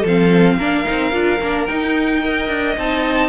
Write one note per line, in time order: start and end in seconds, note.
0.00 0.57 F3
0.00 0.55 A4
0.07 0.59 C4
0.07 1.66 F5
0.57 0.85 A#3
0.57 0.84 D4
0.57 2.22 A#4
0.84 1.11 D#4
0.91 1.12 C4
1.12 1.40 D4
1.12 1.39 F4
1.40 1.67 A#3
1.40 1.68 D4
1.66 2.22 D#4
1.66 2.49 D#4
1.66 2.75 G5
2.22 2.77 A#4
2.22 3.29 D#5
2.49 2.76 D4
2.77 3.29 C4
2.77 3.29 D#4
2.77 3.29 A5